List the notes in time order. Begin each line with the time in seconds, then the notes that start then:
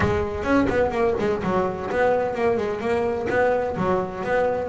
0.00 G#3
0.43 C#4
0.69 B3
0.91 A#3
1.19 G#3
1.43 F#3
1.90 B3
2.35 A#3
2.57 G#3
2.80 A#3
3.29 B3
3.76 F#3
4.23 B3